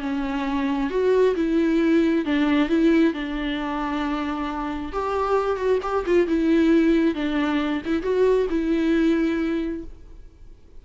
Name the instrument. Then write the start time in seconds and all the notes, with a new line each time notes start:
viola
0.00 C#4
0.90 F#4
1.35 E4
2.25 D4
2.68 E4
3.13 D4
4.92 G4
5.56 F#4
5.82 G4
6.06 F4
6.27 E4
7.15 D4
7.85 E4
8.02 F#4
8.49 E4